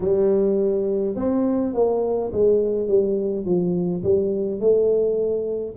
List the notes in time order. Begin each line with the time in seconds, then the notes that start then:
0.00 G3
1.15 C4
1.73 A#3
2.32 G#3
2.87 G3
3.45 F3
4.03 G3
4.59 A3